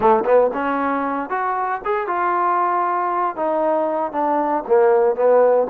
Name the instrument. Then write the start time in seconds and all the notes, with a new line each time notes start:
trombone
0.00 A3
0.24 B3
0.53 C#4
1.29 F#4
1.85 G#4
2.07 F4
3.36 D#4
4.11 D4
4.67 A#3
5.15 B3